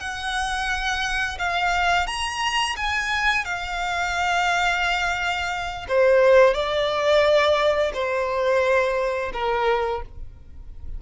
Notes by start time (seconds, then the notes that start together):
0.00 F#5
1.39 F5
2.07 A#5
2.76 G#5
3.45 F5
5.88 C5
6.54 D5
7.94 C5
9.33 A#4